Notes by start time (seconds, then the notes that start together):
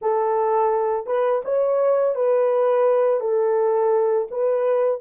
0.01 A4
1.06 B4
1.44 C#5
2.15 B4
3.20 A4
4.30 B4